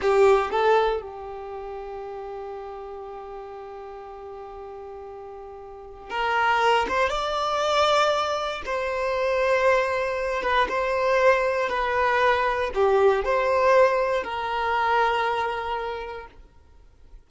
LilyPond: \new Staff \with { instrumentName = "violin" } { \time 4/4 \tempo 4 = 118 g'4 a'4 g'2~ | g'1~ | g'1 | ais'4. c''8 d''2~ |
d''4 c''2.~ | c''8 b'8 c''2 b'4~ | b'4 g'4 c''2 | ais'1 | }